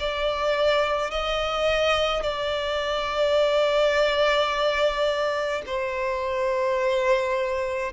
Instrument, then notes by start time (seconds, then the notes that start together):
violin
0.00 D5
1.11 D#5
2.23 D5
5.67 C5